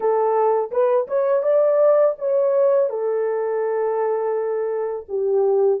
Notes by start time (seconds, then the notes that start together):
0.00 A4
0.71 B4
1.07 C#5
1.43 D5
2.18 C#5
2.89 A4
5.08 G4